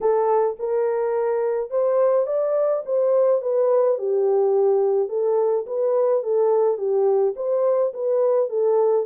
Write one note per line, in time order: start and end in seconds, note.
0.00 0.57 A4
0.59 1.70 A#4
1.70 2.26 C5
2.26 2.83 D5
2.85 3.41 C5
3.41 3.98 B4
3.98 5.08 G4
5.08 5.65 A4
5.66 6.23 B4
6.23 6.77 A4
6.77 7.34 G4
7.36 7.92 C5
7.93 8.49 B4
8.49 9.06 A4